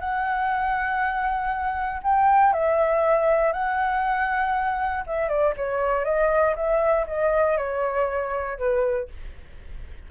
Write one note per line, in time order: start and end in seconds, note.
0.00 2.02 F#5
2.03 2.53 G5
2.53 3.53 E5
3.53 5.04 F#5
5.07 5.29 E5
5.29 5.54 D5
5.57 6.05 C#5
6.05 6.55 D#5
6.56 7.06 E5
7.07 7.58 D#5
7.58 8.59 C#5
8.59 9.09 B4